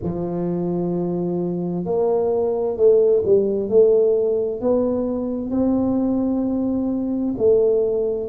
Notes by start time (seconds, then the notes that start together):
0.03 F3
1.85 A#3
2.77 A3
3.24 G3
3.69 A3
4.60 B3
5.50 C4
7.37 A3